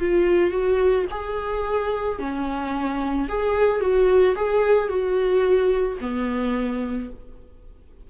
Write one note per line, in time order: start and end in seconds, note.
0.00 0.51 F4
0.51 1.05 F#4
1.11 2.19 G#4
2.19 3.28 C#4
3.29 3.81 G#4
3.81 4.35 F#4
4.36 4.88 G#4
4.88 5.98 F#4
6.01 7.10 B3